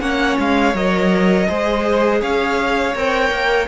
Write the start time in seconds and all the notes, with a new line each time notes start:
0.00 A#3 C#4 C#5 F#5
0.39 G#3 F5
0.74 F#3 A#4 D#5
1.48 G#3 G#4 C5
2.21 C#4 C#5 F5
2.95 C4 A#4 G5
3.30 A#3